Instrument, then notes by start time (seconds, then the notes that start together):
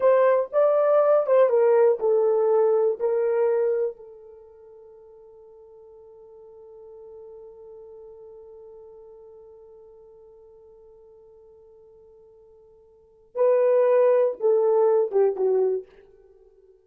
horn
0.00 C5
0.52 D5
1.26 C5
1.49 A#4
1.99 A4
2.99 A#4
3.96 A4
13.35 B4
14.40 A4
15.11 G4
15.36 F#4